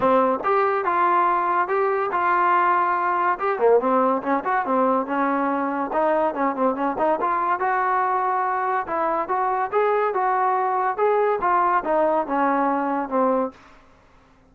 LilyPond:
\new Staff \with { instrumentName = "trombone" } { \time 4/4 \tempo 4 = 142 c'4 g'4 f'2 | g'4 f'2. | g'8 ais8 c'4 cis'8 fis'8 c'4 | cis'2 dis'4 cis'8 c'8 |
cis'8 dis'8 f'4 fis'2~ | fis'4 e'4 fis'4 gis'4 | fis'2 gis'4 f'4 | dis'4 cis'2 c'4 | }